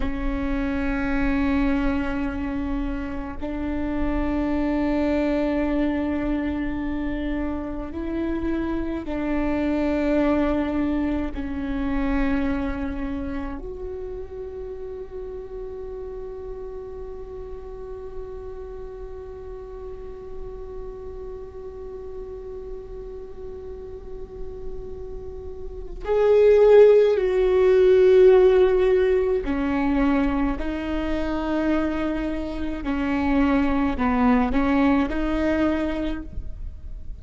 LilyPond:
\new Staff \with { instrumentName = "viola" } { \time 4/4 \tempo 4 = 53 cis'2. d'4~ | d'2. e'4 | d'2 cis'2 | fis'1~ |
fis'1~ | fis'2. gis'4 | fis'2 cis'4 dis'4~ | dis'4 cis'4 b8 cis'8 dis'4 | }